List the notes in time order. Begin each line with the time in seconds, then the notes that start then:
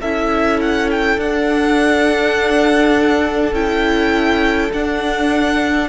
0.00 C#4 E4 A4 E5
0.61 F#5
0.91 G5
1.17 D4 F#5
3.52 C#4 E4 G5
4.73 D4 F#5